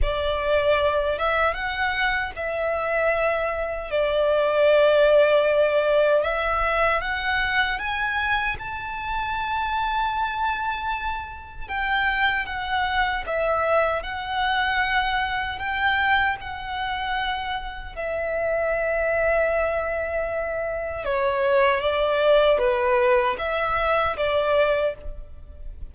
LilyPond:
\new Staff \with { instrumentName = "violin" } { \time 4/4 \tempo 4 = 77 d''4. e''8 fis''4 e''4~ | e''4 d''2. | e''4 fis''4 gis''4 a''4~ | a''2. g''4 |
fis''4 e''4 fis''2 | g''4 fis''2 e''4~ | e''2. cis''4 | d''4 b'4 e''4 d''4 | }